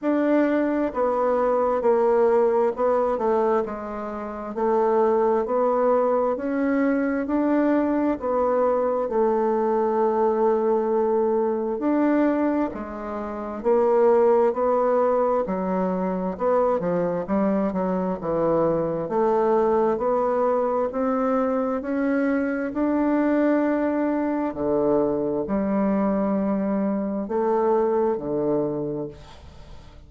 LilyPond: \new Staff \with { instrumentName = "bassoon" } { \time 4/4 \tempo 4 = 66 d'4 b4 ais4 b8 a8 | gis4 a4 b4 cis'4 | d'4 b4 a2~ | a4 d'4 gis4 ais4 |
b4 fis4 b8 f8 g8 fis8 | e4 a4 b4 c'4 | cis'4 d'2 d4 | g2 a4 d4 | }